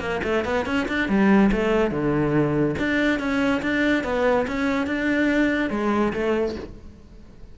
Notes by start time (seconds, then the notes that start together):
0.00 A#3
0.24 A3
0.45 B3
0.66 C#4
0.88 D4
1.09 G3
1.52 A3
1.91 D3
2.79 D4
3.20 C#4
3.62 D4
4.04 B3
4.48 C#4
4.87 D4
5.71 G#3
6.13 A3